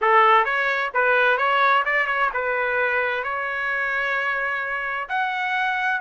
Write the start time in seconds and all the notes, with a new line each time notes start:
0.01 A4
0.44 C#5
0.94 B4
1.37 C#5
1.85 D5
2.06 C#5
2.33 B4
3.23 C#5
5.09 F#5